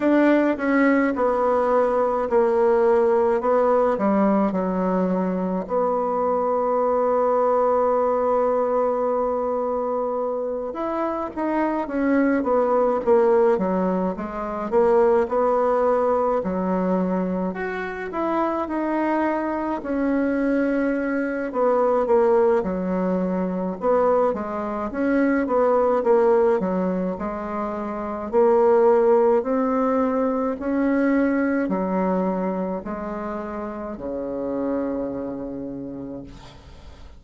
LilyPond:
\new Staff \with { instrumentName = "bassoon" } { \time 4/4 \tempo 4 = 53 d'8 cis'8 b4 ais4 b8 g8 | fis4 b2.~ | b4. e'8 dis'8 cis'8 b8 ais8 | fis8 gis8 ais8 b4 fis4 fis'8 |
e'8 dis'4 cis'4. b8 ais8 | fis4 b8 gis8 cis'8 b8 ais8 fis8 | gis4 ais4 c'4 cis'4 | fis4 gis4 cis2 | }